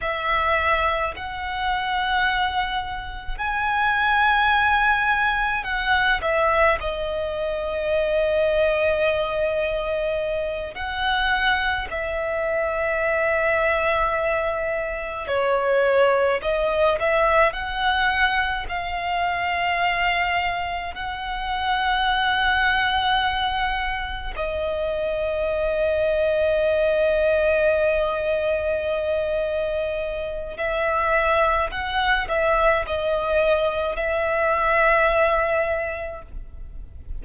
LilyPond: \new Staff \with { instrumentName = "violin" } { \time 4/4 \tempo 4 = 53 e''4 fis''2 gis''4~ | gis''4 fis''8 e''8 dis''2~ | dis''4. fis''4 e''4.~ | e''4. cis''4 dis''8 e''8 fis''8~ |
fis''8 f''2 fis''4.~ | fis''4. dis''2~ dis''8~ | dis''2. e''4 | fis''8 e''8 dis''4 e''2 | }